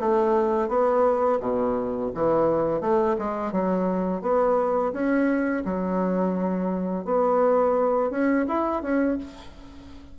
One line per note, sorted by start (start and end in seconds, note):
0.00 0.69 A3
0.69 1.40 B3
1.41 2.11 B2
2.15 2.81 E3
2.81 3.17 A3
3.19 3.52 G#3
3.52 4.22 F#3
4.22 4.93 B3
4.93 5.64 C#4
5.65 7.05 F#3
7.05 8.11 B3
8.11 8.46 C#4
8.49 8.83 E4
8.83 9.18 C#4